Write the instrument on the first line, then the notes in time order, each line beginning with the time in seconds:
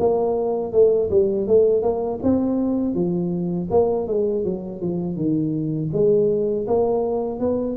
tuba
0.00 A#3
0.73 A3
1.11 G3
1.48 A3
1.83 A#3
2.23 C4
2.95 F3
3.71 A#3
4.08 G#3
4.45 F#3
4.81 F3
5.16 D#3
5.93 G#3
6.68 A#3
7.40 B3